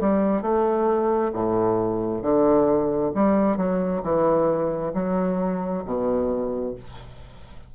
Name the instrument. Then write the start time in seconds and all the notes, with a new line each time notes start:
bassoon
0.00 G3
0.42 A3
1.33 A2
2.22 D3
3.15 G3
3.57 F#3
4.03 E3
4.94 F#3
5.85 B2